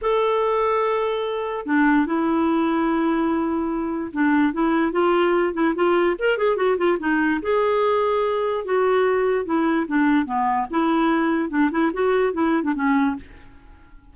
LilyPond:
\new Staff \with { instrumentName = "clarinet" } { \time 4/4 \tempo 4 = 146 a'1 | d'4 e'2.~ | e'2 d'4 e'4 | f'4. e'8 f'4 ais'8 gis'8 |
fis'8 f'8 dis'4 gis'2~ | gis'4 fis'2 e'4 | d'4 b4 e'2 | d'8 e'8 fis'4 e'8. d'16 cis'4 | }